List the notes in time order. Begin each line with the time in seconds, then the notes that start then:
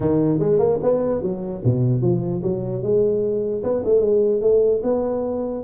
0.00 D#3
0.39 G#3
0.58 A#3
0.82 B3
1.22 F#3
1.64 B2
2.01 F3
2.42 F#3
2.82 G#3
3.63 B3
3.84 A3
4.00 G#3
4.41 A3
4.83 B3